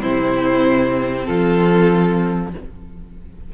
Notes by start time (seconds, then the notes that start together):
0.00 C3 C4 E4 C5
1.25 F3 F4 A4